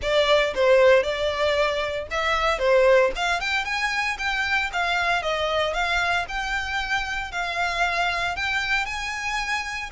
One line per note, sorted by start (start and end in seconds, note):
0.01 0.54 D5
0.54 1.03 C5
1.03 2.07 D5
2.10 2.58 E5
2.58 3.11 C5
3.15 3.40 F5
3.40 3.65 G5
3.65 4.17 G#5
4.18 4.70 G5
4.72 5.22 F5
5.22 5.73 D#5
5.73 6.25 F5
6.28 7.31 G5
7.31 8.35 F5
8.35 8.85 G5
8.85 9.89 G#5